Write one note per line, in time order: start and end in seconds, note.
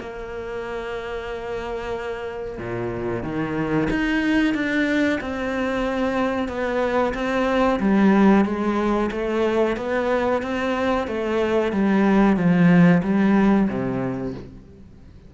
0.00 2.58 A#3
2.58 3.23 A#2
3.23 3.88 D#3
3.90 4.54 D#4
4.54 5.19 D4
5.20 6.48 C4
6.48 7.13 B3
7.14 7.79 C4
7.80 8.45 G3
8.45 9.10 G#3
9.11 9.76 A3
9.76 10.42 B3
10.42 11.07 C4
11.07 11.72 A3
11.72 12.36 G3
12.36 13.02 F3
13.03 13.68 G3
13.68 14.34 C3